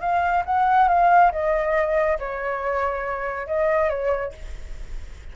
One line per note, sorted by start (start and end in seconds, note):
0.00 0.43 F5
0.45 0.88 F#5
0.88 1.31 F5
1.32 2.18 D#5
2.19 3.47 C#5
3.47 3.89 D#5
3.89 4.32 C#5